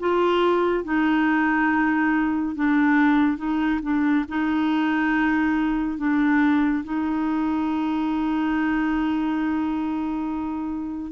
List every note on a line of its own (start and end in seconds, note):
0.00 0.85 F4
0.85 2.56 D#4
2.56 3.38 D4
3.38 3.81 D#4
3.83 4.25 D4
4.29 5.98 D#4
5.98 6.84 D4
6.85 11.12 D#4